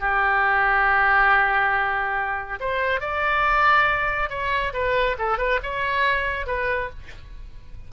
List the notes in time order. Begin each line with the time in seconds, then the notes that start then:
0.00 G4
2.60 C5
3.00 D5
4.30 C#5
4.73 B4
5.18 A4
5.38 B4
5.63 C#5
6.46 B4